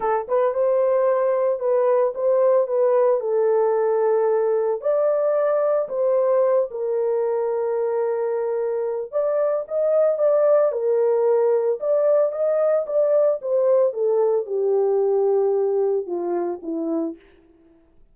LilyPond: \new Staff \with { instrumentName = "horn" } { \time 4/4 \tempo 4 = 112 a'8 b'8 c''2 b'4 | c''4 b'4 a'2~ | a'4 d''2 c''4~ | c''8 ais'2.~ ais'8~ |
ais'4 d''4 dis''4 d''4 | ais'2 d''4 dis''4 | d''4 c''4 a'4 g'4~ | g'2 f'4 e'4 | }